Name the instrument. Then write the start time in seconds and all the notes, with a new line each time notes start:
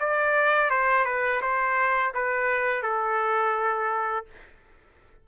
trumpet
0.00 D5
0.70 C5
1.05 B4
1.42 C5
2.14 B4
2.83 A4